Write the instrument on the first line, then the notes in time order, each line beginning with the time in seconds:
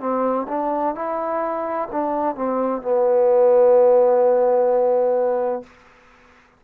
trombone
0.00 C4
0.48 D4
0.95 E4
1.92 D4
2.35 C4
2.82 B3